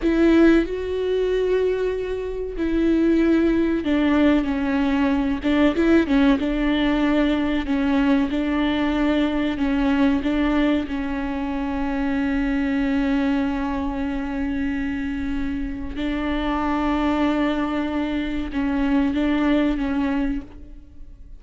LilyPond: \new Staff \with { instrumentName = "viola" } { \time 4/4 \tempo 4 = 94 e'4 fis'2. | e'2 d'4 cis'4~ | cis'8 d'8 e'8 cis'8 d'2 | cis'4 d'2 cis'4 |
d'4 cis'2.~ | cis'1~ | cis'4 d'2.~ | d'4 cis'4 d'4 cis'4 | }